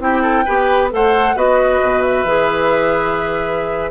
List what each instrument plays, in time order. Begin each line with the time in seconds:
0.00 bassoon C4, clarinet E4, oboe G4, flute G5
0.22 oboe A4
0.46 bassoon B3, clarinet G4, oboe B4
0.91 bassoon A3, clarinet A4, oboe C5, flute F#5
1.35 bassoon B3, clarinet F#4, oboe B4, flute D#5
1.82 bassoon B2
2.02 flute E5
2.24 bassoon E3, clarinet G#4